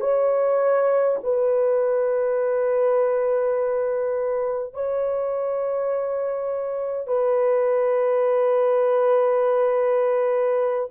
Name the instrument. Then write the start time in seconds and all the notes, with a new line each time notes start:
horn
0.00 C#5
1.23 B4
4.73 C#5
7.07 B4